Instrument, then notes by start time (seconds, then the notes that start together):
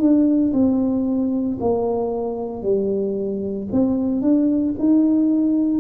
tuba
0.00 D4
0.53 C4
1.61 A#3
2.63 G3
3.72 C4
4.22 D4
4.79 D#4